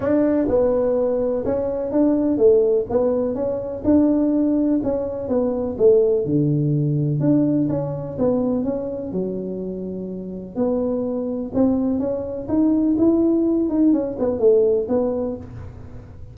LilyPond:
\new Staff \with { instrumentName = "tuba" } { \time 4/4 \tempo 4 = 125 d'4 b2 cis'4 | d'4 a4 b4 cis'4 | d'2 cis'4 b4 | a4 d2 d'4 |
cis'4 b4 cis'4 fis4~ | fis2 b2 | c'4 cis'4 dis'4 e'4~ | e'8 dis'8 cis'8 b8 a4 b4 | }